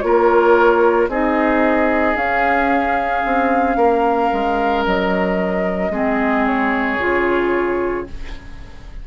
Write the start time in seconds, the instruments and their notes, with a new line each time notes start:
0.00 bassoon A#3, clarinet F4, oboe A#4, flute C#5
1.08 bassoon C4, clarinet D#4, oboe G#4, flute D#5
2.15 bassoon C#4, clarinet C#4, flute F5
3.25 bassoon C4
3.76 bassoon A#3, oboe A#4
4.33 bassoon G#3
4.86 bassoon F#3, flute D#5
5.90 bassoon G#3, clarinet C4, oboe G#4
6.46 flute C#5
6.99 bassoon C#3, clarinet F4